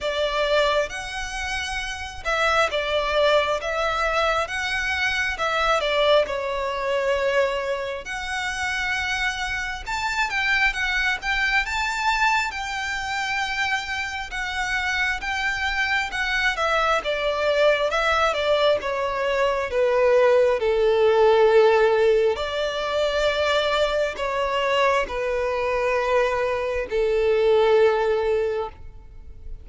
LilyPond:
\new Staff \with { instrumentName = "violin" } { \time 4/4 \tempo 4 = 67 d''4 fis''4. e''8 d''4 | e''4 fis''4 e''8 d''8 cis''4~ | cis''4 fis''2 a''8 g''8 | fis''8 g''8 a''4 g''2 |
fis''4 g''4 fis''8 e''8 d''4 | e''8 d''8 cis''4 b'4 a'4~ | a'4 d''2 cis''4 | b'2 a'2 | }